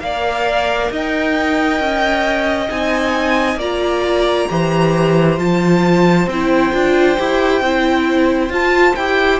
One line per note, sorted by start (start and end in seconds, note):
0.00 0.90 A#3
0.00 2.68 A#4
0.00 0.92 D5
0.00 0.90 F5
0.91 1.80 D#4
0.91 3.59 D#5
0.91 2.70 G5
1.80 2.69 C#4
2.68 3.56 C4
2.68 3.57 D#4
2.68 3.60 G#5
3.56 4.46 A#3
3.56 4.49 F4
3.56 4.48 D5
3.56 5.39 A#5
4.49 5.38 E3
4.49 5.39 G4
4.49 9.40 C5
5.38 6.27 F3
5.38 6.28 F4
5.38 6.29 A5
6.27 6.72 C4
6.27 6.73 E4
6.27 8.53 G5
6.73 7.18 D4
6.73 7.17 F4
7.18 7.62 E4
7.18 7.63 G4
7.62 8.49 C4
7.62 8.50 E4
8.49 8.94 F4
8.49 8.95 F4
8.49 8.95 A5
8.95 9.40 E4
8.95 9.40 G4
8.95 9.40 G5